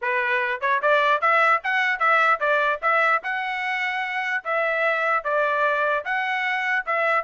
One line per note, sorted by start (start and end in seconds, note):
0.01 0.60 B4
0.60 0.81 C#5
0.82 1.21 D5
1.21 1.61 E5
1.63 1.99 F#5
1.99 2.39 E5
2.40 2.80 D5
2.82 3.22 E5
3.23 4.44 F#5
4.44 5.23 E5
5.23 6.04 D5
6.04 6.85 F#5
6.85 7.24 E5